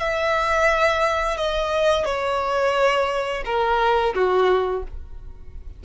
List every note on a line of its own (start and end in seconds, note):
0.00 1.37 E5
1.37 2.06 D#5
2.06 3.44 C#5
3.46 4.15 A#4
4.15 4.84 F#4